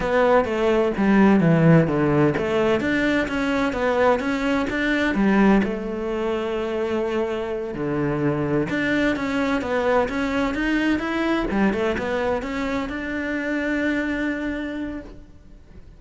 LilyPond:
\new Staff \with { instrumentName = "cello" } { \time 4/4 \tempo 4 = 128 b4 a4 g4 e4 | d4 a4 d'4 cis'4 | b4 cis'4 d'4 g4 | a1~ |
a8 d2 d'4 cis'8~ | cis'8 b4 cis'4 dis'4 e'8~ | e'8 g8 a8 b4 cis'4 d'8~ | d'1 | }